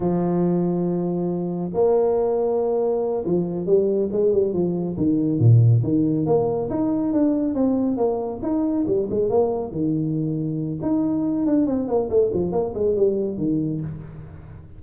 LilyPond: \new Staff \with { instrumentName = "tuba" } { \time 4/4 \tempo 4 = 139 f1 | ais2.~ ais8 f8~ | f8 g4 gis8 g8 f4 dis8~ | dis8 ais,4 dis4 ais4 dis'8~ |
dis'8 d'4 c'4 ais4 dis'8~ | dis'8 g8 gis8 ais4 dis4.~ | dis4 dis'4. d'8 c'8 ais8 | a8 f8 ais8 gis8 g4 dis4 | }